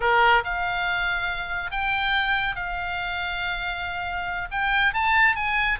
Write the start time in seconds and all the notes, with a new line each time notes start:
0.00 A#4
0.43 F5
1.71 G5
2.55 F5
4.51 G5
4.93 A5
5.35 G#5